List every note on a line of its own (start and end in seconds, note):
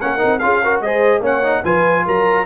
0.00 0.23 A#3
0.00 0.18 C#4
0.00 0.42 A#4
0.00 0.39 F#5
0.18 0.42 C4
0.18 0.39 D#4
0.39 0.80 C#4
0.39 0.62 F4
0.39 0.63 G#4
0.39 0.80 F5
0.63 0.84 F#4
0.63 0.83 A#4
0.80 1.19 G#3
0.80 1.22 G#4
0.80 1.21 C5
0.80 1.22 D#5
1.19 1.61 A#3
1.19 1.42 C#4
1.19 1.62 C#5
1.19 1.65 F#5
1.43 1.63 D#4
1.63 2.05 F3
1.63 2.46 F4
1.63 2.04 B4
1.63 2.06 G#5
2.05 2.46 F#3
2.05 2.46 A#4
2.05 2.46 A#5